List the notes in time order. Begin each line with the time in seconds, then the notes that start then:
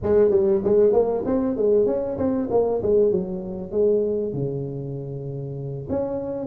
0.03 G#3
0.30 G3
0.64 G#3
0.93 A#3
1.25 C4
1.56 G#3
1.86 C#4
2.17 C4
2.50 A#3
2.82 G#3
3.11 F#3
3.71 G#3
4.33 C#3
5.89 C#4